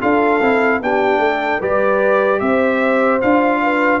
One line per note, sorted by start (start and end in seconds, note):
0.00 0.41 D4
0.00 0.40 F4
0.00 0.80 A4
0.00 0.81 F5
0.41 0.80 C4
0.41 0.82 E4
0.80 1.18 B3
0.80 1.61 D4
0.80 1.20 G4
0.80 1.62 G5
1.18 1.58 A3
1.18 1.59 A4
1.59 2.41 G3
1.59 3.21 G4
1.59 2.39 B4
1.59 2.40 D5
2.40 3.21 C4
2.40 3.61 C5
2.40 3.20 E5
3.21 4.00 D4
3.21 4.00 F4
3.21 4.00 F5
3.61 4.00 B4